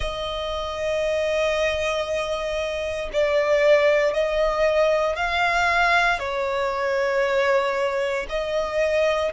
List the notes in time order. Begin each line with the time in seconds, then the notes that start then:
0.00 D#5
3.12 D5
4.13 D#5
5.16 F5
6.19 C#5
8.29 D#5